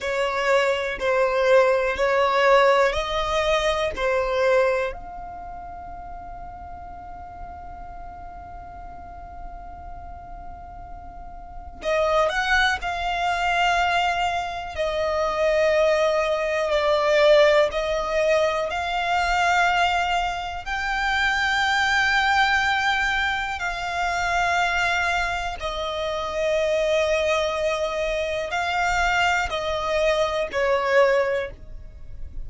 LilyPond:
\new Staff \with { instrumentName = "violin" } { \time 4/4 \tempo 4 = 61 cis''4 c''4 cis''4 dis''4 | c''4 f''2.~ | f''1 | dis''8 fis''8 f''2 dis''4~ |
dis''4 d''4 dis''4 f''4~ | f''4 g''2. | f''2 dis''2~ | dis''4 f''4 dis''4 cis''4 | }